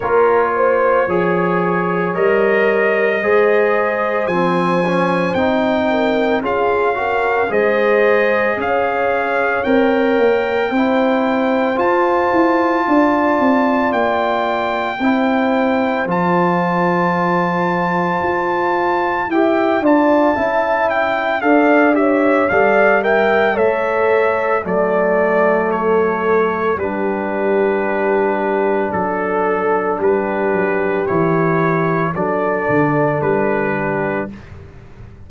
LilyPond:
<<
  \new Staff \with { instrumentName = "trumpet" } { \time 4/4 \tempo 4 = 56 cis''2 dis''2 | gis''4 g''4 f''4 dis''4 | f''4 g''2 a''4~ | a''4 g''2 a''4~ |
a''2 g''8 a''4 g''8 | f''8 e''8 f''8 g''8 e''4 d''4 | cis''4 b'2 a'4 | b'4 cis''4 d''4 b'4 | }
  \new Staff \with { instrumentName = "horn" } { \time 4/4 ais'8 c''8 cis''2 c''4~ | c''4. ais'8 gis'8 ais'8 c''4 | cis''2 c''2 | d''2 c''2~ |
c''2 e''8 d''8 e''4 | d''8 cis''8 d''8 e''8 cis''4 d''4 | a'4 g'2 a'4 | g'2 a'4. g'8 | }
  \new Staff \with { instrumentName = "trombone" } { \time 4/4 f'4 gis'4 ais'4 gis'4 | c'8 cis'8 dis'4 f'8 fis'8 gis'4~ | gis'4 ais'4 e'4 f'4~ | f'2 e'4 f'4~ |
f'2 g'8 f'8 e'4 | a'8 g'8 a'8 ais'8 a'4 a4~ | a4 d'2.~ | d'4 e'4 d'2 | }
  \new Staff \with { instrumentName = "tuba" } { \time 4/4 ais4 f4 g4 gis4 | f4 c'4 cis'4 gis4 | cis'4 c'8 ais8 c'4 f'8 e'8 | d'8 c'8 ais4 c'4 f4~ |
f4 f'4 e'8 d'8 cis'4 | d'4 g4 a4 fis4~ | fis4 g2 fis4 | g8 fis8 e4 fis8 d8 g4 | }
>>